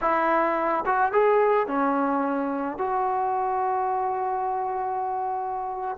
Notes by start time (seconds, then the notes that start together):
0.01 E4
0.86 F#4
1.12 G#4
1.67 C#4
2.78 F#4